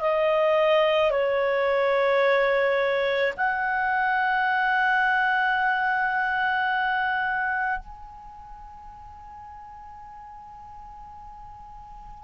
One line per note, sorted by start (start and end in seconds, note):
0.00 1.11 D#5
1.11 3.33 C#5
3.36 7.79 F#5
7.79 12.23 G#5